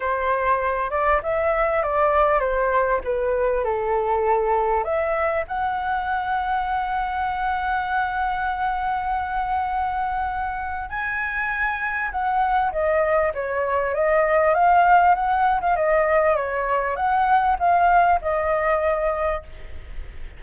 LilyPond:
\new Staff \with { instrumentName = "flute" } { \time 4/4 \tempo 4 = 99 c''4. d''8 e''4 d''4 | c''4 b'4 a'2 | e''4 fis''2.~ | fis''1~ |
fis''2 gis''2 | fis''4 dis''4 cis''4 dis''4 | f''4 fis''8. f''16 dis''4 cis''4 | fis''4 f''4 dis''2 | }